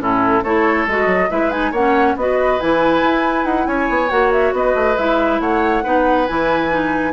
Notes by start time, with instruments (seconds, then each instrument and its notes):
0.00 bassoon A2, clarinet C#4, oboe E4, flute A4
0.44 bassoon A3, clarinet E4, oboe A4, flute C#5
0.87 bassoon G#3, clarinet F#4, flute D#5
1.06 bassoon F#3
1.30 bassoon G#3, clarinet E4, oboe B4, flute E5
1.51 clarinet D#4, flute G#5
1.71 bassoon A#3, clarinet C#4, oboe C#5, flute F#5
2.16 bassoon B3, clarinet F#4, oboe B4, flute D#5
2.60 bassoon E3, clarinet E4, flute G#5
3.03 bassoon E4
3.45 bassoon D#4, flute F#5
3.67 bassoon C#4, oboe C#5, flute G#5
3.90 bassoon B3
4.10 bassoon A#3, clarinet F#4, flute F#5
4.32 flute E5
4.53 bassoon B3, oboe B4, flute D#5
4.75 bassoon A3
4.97 bassoon G#3, clarinet E4, flute E5
5.40 bassoon A3, oboe C#5, flute F#5
5.83 bassoon B3, clarinet D#4, oboe B4
6.27 bassoon E3, clarinet E4, flute G#5
6.70 clarinet D#4